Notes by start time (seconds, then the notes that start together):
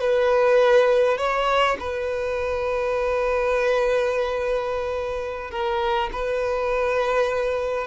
0.00 B4
1.18 C#5
1.80 B4
5.51 A#4
6.13 B4